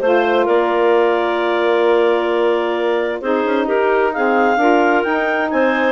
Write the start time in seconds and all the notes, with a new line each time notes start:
0.00 A3 F4 C5
0.45 A#3 A#4 D5
3.22 C4 D#4 G#4 C5
3.45 C#4
3.66 D#4 G4 A#4
4.13 C4 G#4 F5
4.57 D4 F4 A#4
5.04 D#4 G5
5.51 C4 C5 G#5